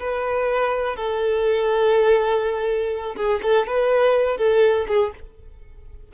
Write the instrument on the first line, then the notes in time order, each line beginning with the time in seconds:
violin
0.00 B4
0.97 A4
3.17 G#4
3.43 A4
3.68 B4
4.38 A4
4.88 G#4